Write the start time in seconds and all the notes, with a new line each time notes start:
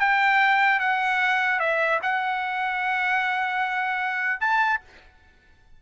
0.00 G5
0.80 F#5
1.60 E5
2.03 F#5
4.41 A5